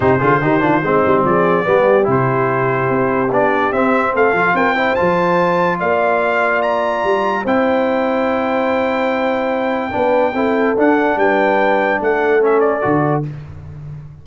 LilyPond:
<<
  \new Staff \with { instrumentName = "trumpet" } { \time 4/4 \tempo 4 = 145 c''2. d''4~ | d''4 c''2. | d''4 e''4 f''4 g''4 | a''2 f''2 |
ais''2 g''2~ | g''1~ | g''2 fis''4 g''4~ | g''4 fis''4 e''8 d''4. | }
  \new Staff \with { instrumentName = "horn" } { \time 4/4 g'8 gis'8 g'8 f'8 dis'4 gis'4 | g'1~ | g'2 a'4 ais'8 c''8~ | c''2 d''2~ |
d''2 c''2~ | c''1 | b'4 a'2 b'4~ | b'4 a'2. | }
  \new Staff \with { instrumentName = "trombone" } { \time 4/4 dis'8 f'8 dis'8 d'8 c'2 | b4 e'2. | d'4 c'4. f'4 e'8 | f'1~ |
f'2 e'2~ | e'1 | d'4 e'4 d'2~ | d'2 cis'4 fis'4 | }
  \new Staff \with { instrumentName = "tuba" } { \time 4/4 c8 d8 dis4 gis8 g8 f4 | g4 c2 c'4 | b4 c'4 a8 f8 c'4 | f2 ais2~ |
ais4 g4 c'2~ | c'1 | b4 c'4 d'4 g4~ | g4 a2 d4 | }
>>